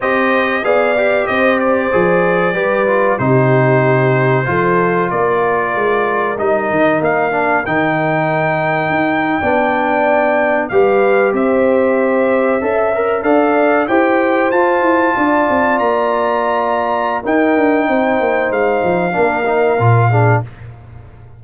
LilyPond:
<<
  \new Staff \with { instrumentName = "trumpet" } { \time 4/4 \tempo 4 = 94 dis''4 f''4 dis''8 d''4.~ | d''4 c''2. | d''2 dis''4 f''4 | g''1~ |
g''8. f''4 e''2~ e''16~ | e''8. f''4 g''4 a''4~ a''16~ | a''8. ais''2~ ais''16 g''4~ | g''4 f''2. | }
  \new Staff \with { instrumentName = "horn" } { \time 4/4 c''4 d''4 c''2 | b'4 g'2 a'4 | ais'1~ | ais'2~ ais'8. d''4~ d''16~ |
d''8. b'4 c''2 e''16~ | e''8. d''4 c''2 d''16~ | d''2. ais'4 | c''2 ais'4. gis'8 | }
  \new Staff \with { instrumentName = "trombone" } { \time 4/4 g'4 gis'8 g'4. gis'4 | g'8 f'8 dis'2 f'4~ | f'2 dis'4. d'8 | dis'2~ dis'8. d'4~ d'16~ |
d'8. g'2. a'16~ | a'16 ais'8 a'4 g'4 f'4~ f'16~ | f'2. dis'4~ | dis'2 d'8 dis'8 f'8 d'8 | }
  \new Staff \with { instrumentName = "tuba" } { \time 4/4 c'4 b4 c'4 f4 | g4 c2 f4 | ais4 gis4 g8 dis8 ais4 | dis2 dis'8. b4~ b16~ |
b8. g4 c'2 cis'16~ | cis'8. d'4 e'4 f'8 e'8 d'16~ | d'16 c'8 ais2~ ais16 dis'8 d'8 | c'8 ais8 gis8 f8 ais4 ais,4 | }
>>